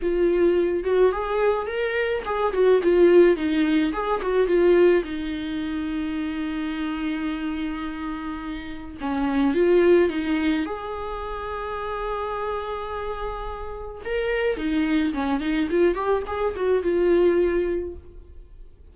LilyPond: \new Staff \with { instrumentName = "viola" } { \time 4/4 \tempo 4 = 107 f'4. fis'8 gis'4 ais'4 | gis'8 fis'8 f'4 dis'4 gis'8 fis'8 | f'4 dis'2.~ | dis'1 |
cis'4 f'4 dis'4 gis'4~ | gis'1~ | gis'4 ais'4 dis'4 cis'8 dis'8 | f'8 g'8 gis'8 fis'8 f'2 | }